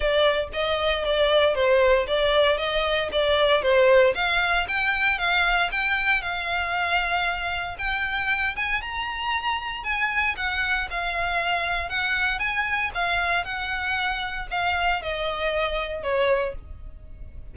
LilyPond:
\new Staff \with { instrumentName = "violin" } { \time 4/4 \tempo 4 = 116 d''4 dis''4 d''4 c''4 | d''4 dis''4 d''4 c''4 | f''4 g''4 f''4 g''4 | f''2. g''4~ |
g''8 gis''8 ais''2 gis''4 | fis''4 f''2 fis''4 | gis''4 f''4 fis''2 | f''4 dis''2 cis''4 | }